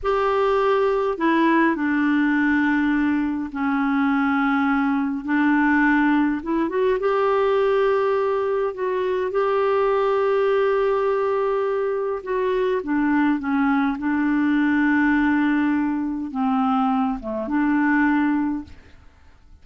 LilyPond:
\new Staff \with { instrumentName = "clarinet" } { \time 4/4 \tempo 4 = 103 g'2 e'4 d'4~ | d'2 cis'2~ | cis'4 d'2 e'8 fis'8 | g'2. fis'4 |
g'1~ | g'4 fis'4 d'4 cis'4 | d'1 | c'4. a8 d'2 | }